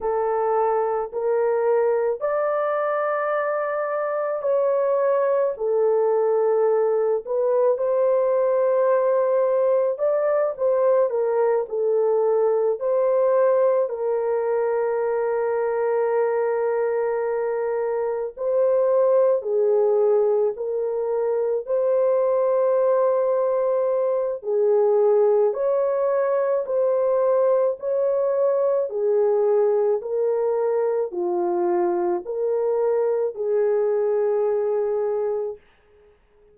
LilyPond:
\new Staff \with { instrumentName = "horn" } { \time 4/4 \tempo 4 = 54 a'4 ais'4 d''2 | cis''4 a'4. b'8 c''4~ | c''4 d''8 c''8 ais'8 a'4 c''8~ | c''8 ais'2.~ ais'8~ |
ais'8 c''4 gis'4 ais'4 c''8~ | c''2 gis'4 cis''4 | c''4 cis''4 gis'4 ais'4 | f'4 ais'4 gis'2 | }